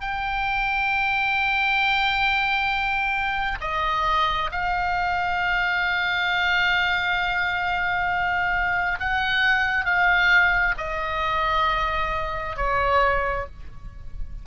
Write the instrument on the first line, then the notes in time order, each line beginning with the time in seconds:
oboe
0.00 G5
3.61 D#5
4.51 F5
8.99 F#5
9.85 F5
10.77 D#5
12.56 C#5